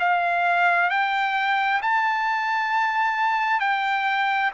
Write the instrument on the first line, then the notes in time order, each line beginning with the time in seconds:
trumpet
0.00 F5
0.90 G5
1.82 A5
3.61 G5